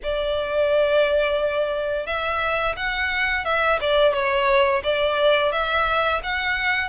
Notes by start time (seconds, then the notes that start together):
0.03 D5
2.06 E5
2.76 F#5
3.45 E5
3.81 D5
4.13 C#5
4.83 D5
5.52 E5
6.23 F#5